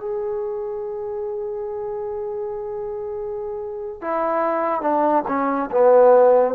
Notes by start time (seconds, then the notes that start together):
0.00 G#4
4.01 E4
4.81 D4
5.28 C#4
5.71 B3